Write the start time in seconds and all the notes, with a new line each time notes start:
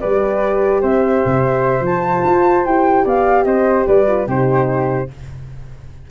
0.00 G3 G4 B4 D5
0.81 C4 C5 E5
1.25 C3
1.81 F3 A5
1.88 F4
2.25 F4
2.65 E4 G4 G5
3.04 B3 D5 F5
3.44 C4 C5 D#5
3.87 G3 B4 D5
4.07 F4
4.26 C3 D#4 G4 C5